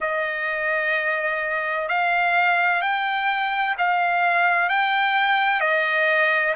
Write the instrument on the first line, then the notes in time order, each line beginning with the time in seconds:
trumpet
0.00 D#5
1.88 F5
2.81 G5
3.78 F5
4.69 G5
5.60 D#5